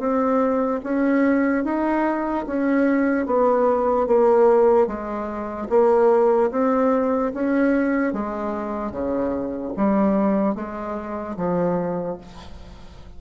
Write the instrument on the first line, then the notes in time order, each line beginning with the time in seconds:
bassoon
0.00 C4
0.84 C#4
1.65 D#4
2.47 C#4
3.27 B3
4.08 A#3
4.87 G#3
5.70 A#3
6.51 C4
7.34 C#4
8.13 G#3
8.92 C#3
9.77 G3
10.56 G#3
11.37 F3